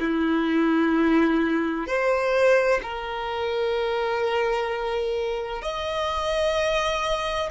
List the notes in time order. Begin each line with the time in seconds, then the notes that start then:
0.00 E4
1.87 C5
2.83 A#4
5.62 D#5